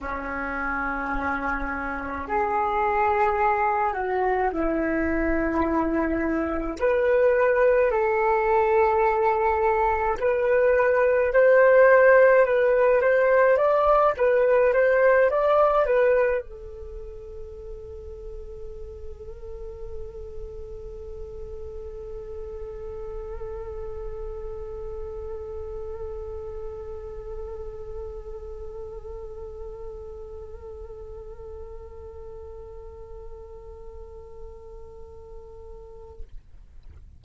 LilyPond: \new Staff \with { instrumentName = "flute" } { \time 4/4 \tempo 4 = 53 cis'2 gis'4. fis'8 | e'2 b'4 a'4~ | a'4 b'4 c''4 b'8 c''8 | d''8 b'8 c''8 d''8 b'8 a'4.~ |
a'1~ | a'1~ | a'1~ | a'1 | }